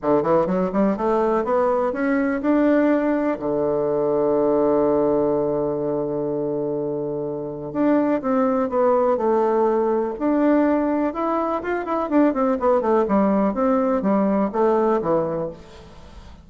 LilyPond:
\new Staff \with { instrumentName = "bassoon" } { \time 4/4 \tempo 4 = 124 d8 e8 fis8 g8 a4 b4 | cis'4 d'2 d4~ | d1~ | d1 |
d'4 c'4 b4 a4~ | a4 d'2 e'4 | f'8 e'8 d'8 c'8 b8 a8 g4 | c'4 g4 a4 e4 | }